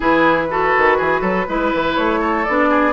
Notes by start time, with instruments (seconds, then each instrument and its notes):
0.00 bassoon E3, clarinet E4, oboe G#4, flute B4
0.49 clarinet F#4, oboe A4
0.77 bassoon D#3
0.97 bassoon E3, oboe G#4
1.20 bassoon F#3, oboe A4
1.48 bassoon G#3, clarinet E4, oboe B4
1.74 bassoon E3
1.95 bassoon A3, flute C#5
2.20 oboe A4
2.44 bassoon B3, clarinet D4, flute D5
2.69 oboe G#4